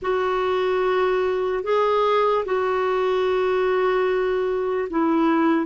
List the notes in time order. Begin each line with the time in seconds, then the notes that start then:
0.01 F#4
1.63 G#4
2.45 F#4
4.90 E4